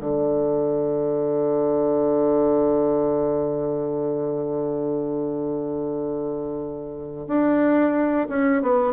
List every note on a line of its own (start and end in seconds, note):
0.00 7.27 D3
7.27 8.27 D4
8.29 8.62 C#4
8.62 8.93 B3